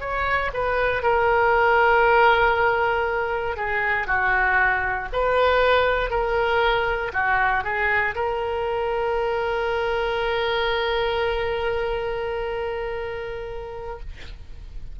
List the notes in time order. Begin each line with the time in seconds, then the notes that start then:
0.00 C#5
0.53 B4
1.02 A#4
3.56 G#4
4.07 F#4
5.12 B4
6.10 A#4
7.13 F#4
7.64 G#4
8.14 A#4